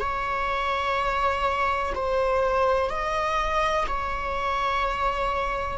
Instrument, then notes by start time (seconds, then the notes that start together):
viola
0.00 C#5
1.95 C5
2.90 D#5
3.88 C#5